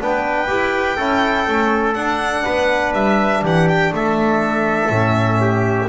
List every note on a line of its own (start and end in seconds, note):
0.00 0.49 B3
0.00 0.47 D4
0.00 0.96 B4
0.00 1.93 G5
0.47 0.97 E4
0.47 0.96 G4
0.96 1.46 C#4
0.96 1.47 E4
0.96 2.43 A4
1.47 1.95 A3
1.47 1.95 C#4
1.93 4.90 D4
1.93 2.44 D4
1.93 2.92 F#5
2.44 2.92 B3
2.44 3.42 B4
2.92 3.42 G3
2.92 3.43 E5
3.42 3.91 E3
3.42 3.92 G4
3.42 3.68 F#5
3.68 3.92 G5
3.92 4.90 A3
3.92 5.40 A4
3.92 5.88 E5
4.90 5.88 A2
4.90 5.88 C#4
5.40 5.88 G4